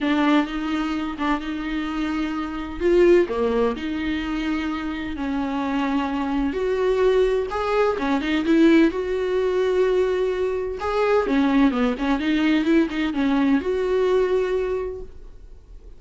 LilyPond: \new Staff \with { instrumentName = "viola" } { \time 4/4 \tempo 4 = 128 d'4 dis'4. d'8 dis'4~ | dis'2 f'4 ais4 | dis'2. cis'4~ | cis'2 fis'2 |
gis'4 cis'8 dis'8 e'4 fis'4~ | fis'2. gis'4 | cis'4 b8 cis'8 dis'4 e'8 dis'8 | cis'4 fis'2. | }